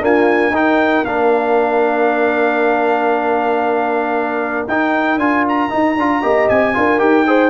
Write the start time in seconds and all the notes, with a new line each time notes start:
0.00 A#3 D4 F4 G#5
0.50 D#4 A#4 G5
1.04 A#3 D4 F5
4.68 D#4 G5
5.16 D4 F4 G#5
5.48 A#5
5.69 D#4
5.96 D4 F4
6.22 A#3 G4 D#5
6.49 C4 G#5
6.73 D4 F4 A#4
6.98 D#4 G4 G5
7.26 G#4 C5